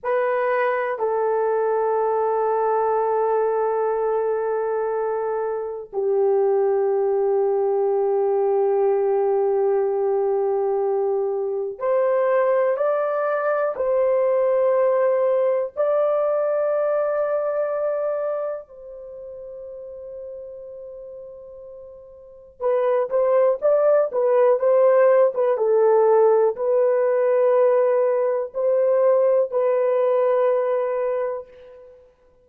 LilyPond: \new Staff \with { instrumentName = "horn" } { \time 4/4 \tempo 4 = 61 b'4 a'2.~ | a'2 g'2~ | g'1 | c''4 d''4 c''2 |
d''2. c''4~ | c''2. b'8 c''8 | d''8 b'8 c''8. b'16 a'4 b'4~ | b'4 c''4 b'2 | }